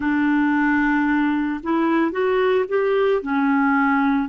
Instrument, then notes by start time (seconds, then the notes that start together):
clarinet
0.00 D4
1.63 E4
2.11 F#4
2.68 G4
3.21 C#4